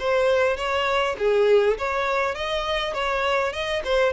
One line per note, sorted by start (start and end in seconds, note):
0.00 0.57 C5
0.57 1.17 C#5
1.19 1.78 G#4
1.78 2.35 C#5
2.35 2.94 D#5
2.94 3.53 C#5
3.53 3.83 D#5
3.85 4.13 C5